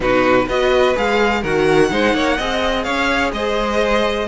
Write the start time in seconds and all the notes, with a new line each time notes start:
0.00 B2 D#4 F#4 B4
0.45 B3 F#4 B4 D#5
0.95 G#3 G#4 F5
1.41 D#3 F#4 A#4 F#5
1.89 G#3 D#4 C5
2.13 A#3 C#5
2.36 C4 G#4 D#5
2.83 C#4 C#5 F5
3.32 G#3 C5 D#5